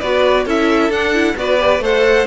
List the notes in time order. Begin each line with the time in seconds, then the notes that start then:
0.00 B3 F#4 B4 D5
0.45 C#4 E4 A4 E5
0.89 D4 F#5
1.14 E4
1.36 B3 F#4 B4 D5
1.57 G4
1.79 A3 A4 C5 F#5